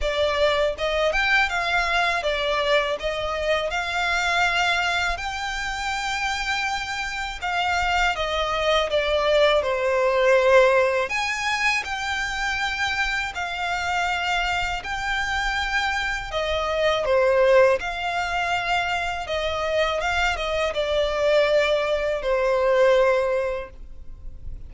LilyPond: \new Staff \with { instrumentName = "violin" } { \time 4/4 \tempo 4 = 81 d''4 dis''8 g''8 f''4 d''4 | dis''4 f''2 g''4~ | g''2 f''4 dis''4 | d''4 c''2 gis''4 |
g''2 f''2 | g''2 dis''4 c''4 | f''2 dis''4 f''8 dis''8 | d''2 c''2 | }